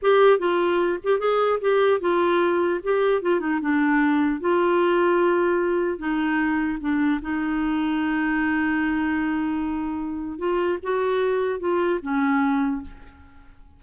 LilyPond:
\new Staff \with { instrumentName = "clarinet" } { \time 4/4 \tempo 4 = 150 g'4 f'4. g'8 gis'4 | g'4 f'2 g'4 | f'8 dis'8 d'2 f'4~ | f'2. dis'4~ |
dis'4 d'4 dis'2~ | dis'1~ | dis'2 f'4 fis'4~ | fis'4 f'4 cis'2 | }